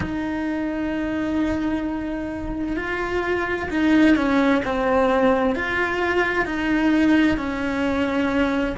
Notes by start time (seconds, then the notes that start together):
0.00 D#4
2.76 F4
3.70 D#4
4.16 C#4
4.64 C4
5.55 F4
6.45 D#4
7.37 C#4